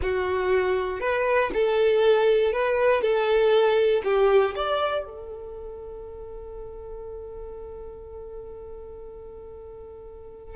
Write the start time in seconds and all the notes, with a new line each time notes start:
0.02 F#4
1.00 B4
1.53 A4
2.52 B4
3.01 A4
4.04 G4
4.55 D5
5.04 A4